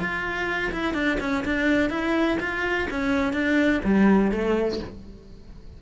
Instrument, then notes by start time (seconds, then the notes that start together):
cello
0.00 F4
0.72 E4
0.94 D4
1.20 C#4
1.45 D4
1.90 E4
2.40 F4
2.91 C#4
3.33 D4
3.84 G3
4.32 A3